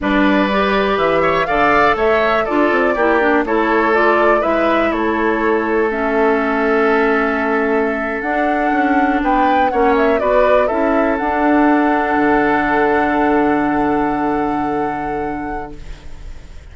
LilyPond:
<<
  \new Staff \with { instrumentName = "flute" } { \time 4/4 \tempo 4 = 122 d''2 e''4 f''4 | e''4 d''2 cis''4 | d''4 e''4 cis''2 | e''1~ |
e''8. fis''2 g''4 fis''16~ | fis''16 e''8 d''4 e''4 fis''4~ fis''16~ | fis''1~ | fis''1 | }
  \new Staff \with { instrumentName = "oboe" } { \time 4/4 b'2~ b'8 cis''8 d''4 | cis''4 a'4 g'4 a'4~ | a'4 b'4 a'2~ | a'1~ |
a'2~ a'8. b'4 cis''16~ | cis''8. b'4 a'2~ a'16~ | a'1~ | a'1 | }
  \new Staff \with { instrumentName = "clarinet" } { \time 4/4 d'4 g'2 a'4~ | a'4 f'4 e'8 d'8 e'4 | f'4 e'2. | cis'1~ |
cis'8. d'2. cis'16~ | cis'8. fis'4 e'4 d'4~ d'16~ | d'1~ | d'1 | }
  \new Staff \with { instrumentName = "bassoon" } { \time 4/4 g2 e4 d4 | a4 d'8 c'8 ais4 a4~ | a4 gis4 a2~ | a1~ |
a8. d'4 cis'4 b4 ais16~ | ais8. b4 cis'4 d'4~ d'16~ | d'8. d2.~ d16~ | d1 | }
>>